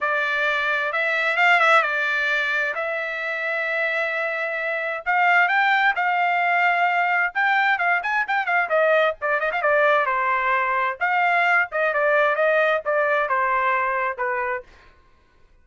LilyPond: \new Staff \with { instrumentName = "trumpet" } { \time 4/4 \tempo 4 = 131 d''2 e''4 f''8 e''8 | d''2 e''2~ | e''2. f''4 | g''4 f''2. |
g''4 f''8 gis''8 g''8 f''8 dis''4 | d''8 dis''16 f''16 d''4 c''2 | f''4. dis''8 d''4 dis''4 | d''4 c''2 b'4 | }